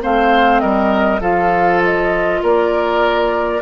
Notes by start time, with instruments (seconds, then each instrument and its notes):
0.00 bassoon A3, clarinet C4, oboe C5, flute F5
0.60 bassoon G3, oboe A#4, flute D#5
1.20 bassoon F3, clarinet F4, oboe A4, flute F5
1.83 flute D#5
2.42 bassoon A#3, oboe A#4, flute D5